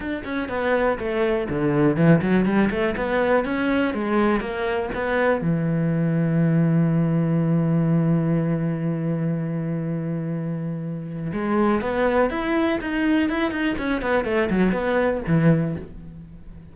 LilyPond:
\new Staff \with { instrumentName = "cello" } { \time 4/4 \tempo 4 = 122 d'8 cis'8 b4 a4 d4 | e8 fis8 g8 a8 b4 cis'4 | gis4 ais4 b4 e4~ | e1~ |
e1~ | e2. gis4 | b4 e'4 dis'4 e'8 dis'8 | cis'8 b8 a8 fis8 b4 e4 | }